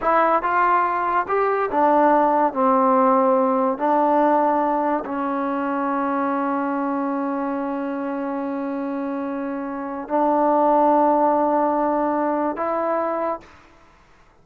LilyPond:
\new Staff \with { instrumentName = "trombone" } { \time 4/4 \tempo 4 = 143 e'4 f'2 g'4 | d'2 c'2~ | c'4 d'2. | cis'1~ |
cis'1~ | cis'1 | d'1~ | d'2 e'2 | }